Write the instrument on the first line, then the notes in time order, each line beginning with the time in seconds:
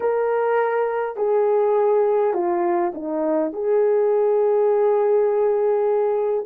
horn
0.00 A#4
1.16 G#4
2.33 F4
2.94 D#4
3.52 G#4